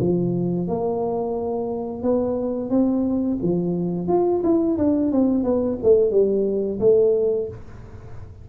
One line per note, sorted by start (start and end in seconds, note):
0.00 0.68 F3
0.68 2.03 A#3
2.03 2.70 B3
2.70 3.38 C4
3.42 4.08 F3
4.08 4.42 F4
4.43 4.78 E4
4.78 5.12 D4
5.12 5.44 C4
5.44 5.78 B3
5.83 6.11 A3
6.11 6.79 G3
6.80 7.48 A3